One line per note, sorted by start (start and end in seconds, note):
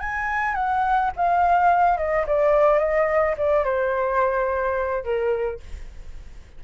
0.00 0.55 G#5
0.55 1.11 F#5
1.16 1.98 F5
1.98 2.26 D#5
2.27 2.79 D5
2.79 3.35 D#5
3.38 3.64 D5
3.64 5.04 C5
5.04 5.60 A#4